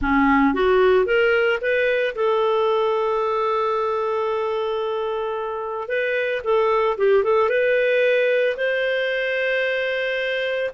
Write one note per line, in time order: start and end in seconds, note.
0.01 0.54 C#4
0.54 1.05 F#4
1.05 1.59 A#4
1.61 2.15 B4
2.15 5.88 A4
5.88 6.41 B4
6.43 6.97 A4
6.97 7.23 G4
7.23 7.49 A4
7.49 8.56 B4
8.56 10.70 C5